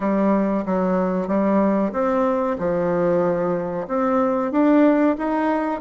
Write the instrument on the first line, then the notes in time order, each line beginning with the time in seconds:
bassoon
0.00 G3
0.65 F#3
1.27 G3
1.92 C4
2.58 F3
3.87 C4
4.51 D4
5.18 D#4